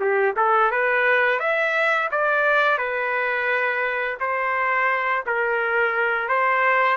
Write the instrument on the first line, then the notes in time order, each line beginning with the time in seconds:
trumpet
0.00 G4
0.36 A4
0.71 B4
1.40 E5
2.11 D5
2.78 B4
4.20 C5
5.26 A#4
6.28 C5